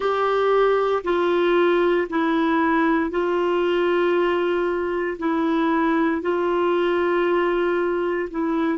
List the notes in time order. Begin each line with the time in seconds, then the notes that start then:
0.00 G4
1.03 F4
2.09 E4
3.10 F4
5.18 E4
6.21 F4
8.30 E4